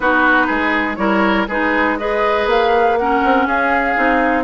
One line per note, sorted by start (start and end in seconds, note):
0.00 0.48 B3
0.00 0.97 D#4
0.00 0.46 F#4
0.00 0.95 B4
0.46 0.97 G#3
0.46 0.96 G#4
0.95 1.47 G3
0.95 1.46 E4
0.95 1.48 A#4
0.95 1.45 C#5
1.48 2.46 G#3
1.48 1.99 D#4
1.48 1.97 G#4
1.48 1.97 B4
1.98 2.98 G#4
1.98 2.99 B4
1.98 2.47 D#5
2.46 3.20 A#3
2.46 2.97 F5
2.97 3.95 C#4
2.97 3.47 A#4
2.97 3.47 F#5
3.24 3.46 C4
3.46 3.95 C#4
3.46 4.43 G#4
3.46 4.43 F5
3.95 4.43 C4
3.95 4.43 D#4